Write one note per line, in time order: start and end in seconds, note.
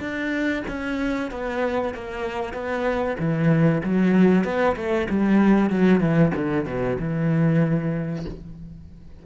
0.00 0.63 D4
0.68 1.31 C#4
1.31 1.94 B3
1.94 2.53 A#3
2.53 3.16 B3
3.19 3.82 E3
3.83 4.44 F#3
4.44 4.76 B3
4.76 5.08 A3
5.10 5.70 G3
5.70 6.00 F#3
6.00 6.32 E3
6.35 6.65 D3
6.65 6.97 B2
6.99 8.25 E3